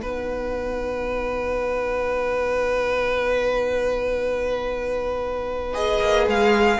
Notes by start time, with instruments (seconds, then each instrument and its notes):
0.00 cello B3, viola D#4, violin B4 F#5
5.73 viola G#4, violin D#5
6.01 cello A#3
6.27 cello G#3, violin F5